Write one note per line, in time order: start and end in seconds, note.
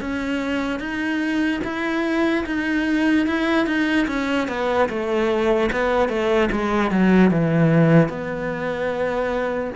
0.00 0.80 C#4
0.80 1.61 D#4
1.64 2.45 E4
2.46 3.27 D#4
3.27 3.66 E4
3.66 4.07 D#4
4.07 4.47 C#4
4.48 4.88 B3
4.89 5.70 A3
5.72 6.08 B3
6.08 6.49 A3
6.52 6.90 G#3
6.90 7.30 F#3
7.30 8.08 E3
8.08 9.70 B3